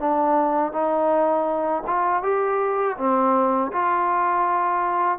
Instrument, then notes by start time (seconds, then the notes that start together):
trombone
0.00 D4
0.73 D#4
1.87 F4
2.23 G4
2.98 C4
3.73 F4